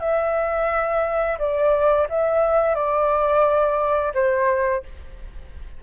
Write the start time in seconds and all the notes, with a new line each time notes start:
0.00 E5
1.39 D5
2.10 E5
2.75 D5
4.14 C5